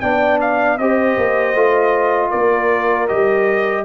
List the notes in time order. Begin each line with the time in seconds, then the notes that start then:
0.00 B3 D4 D5 G5
0.41 F5
0.78 C4 G4 C5 D#5
1.17 A#3
1.54 A3 F4
2.30 A#3 A#4 D5
3.08 G3 G4 D#5